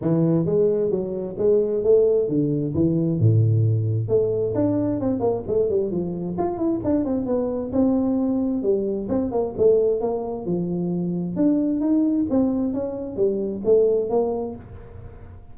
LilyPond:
\new Staff \with { instrumentName = "tuba" } { \time 4/4 \tempo 4 = 132 e4 gis4 fis4 gis4 | a4 d4 e4 a,4~ | a,4 a4 d'4 c'8 ais8 | a8 g8 f4 f'8 e'8 d'8 c'8 |
b4 c'2 g4 | c'8 ais8 a4 ais4 f4~ | f4 d'4 dis'4 c'4 | cis'4 g4 a4 ais4 | }